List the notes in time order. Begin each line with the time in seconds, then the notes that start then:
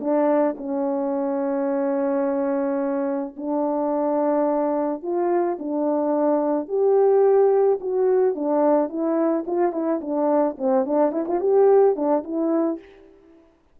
0.00 D4
0.58 C#4
3.37 D4
5.03 F4
5.59 D4
6.68 G4
7.81 F#4
8.35 D4
8.89 E4
9.46 F4
9.72 E4
10.01 D4
10.58 C4
10.86 D4
11.12 E4
11.28 F4
11.40 G4
11.96 D4
12.24 E4